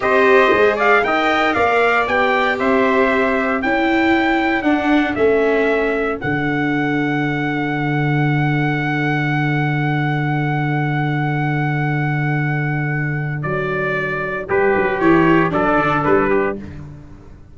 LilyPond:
<<
  \new Staff \with { instrumentName = "trumpet" } { \time 4/4 \tempo 4 = 116 dis''4. f''8 g''4 f''4 | g''4 e''2 g''4~ | g''4 fis''4 e''2 | fis''1~ |
fis''1~ | fis''1~ | fis''2 d''2 | b'4 cis''4 d''4 b'4 | }
  \new Staff \with { instrumentName = "trumpet" } { \time 4/4 c''4. d''8 dis''4 d''4~ | d''4 c''2 a'4~ | a'1~ | a'1~ |
a'1~ | a'1~ | a'1 | g'2 a'4. g'8 | }
  \new Staff \with { instrumentName = "viola" } { \time 4/4 g'4 gis'4 ais'2 | g'2. e'4~ | e'4 d'4 cis'2 | d'1~ |
d'1~ | d'1~ | d'1~ | d'4 e'4 d'2 | }
  \new Staff \with { instrumentName = "tuba" } { \time 4/4 c'4 gis4 dis'4 ais4 | b4 c'2 cis'4~ | cis'4 d'4 a2 | d1~ |
d1~ | d1~ | d2 fis2 | g8 fis8 e4 fis8 d8 g4 | }
>>